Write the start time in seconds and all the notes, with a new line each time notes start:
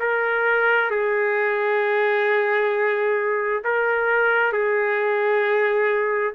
0.00 A#4
0.91 G#4
3.64 A#4
4.52 G#4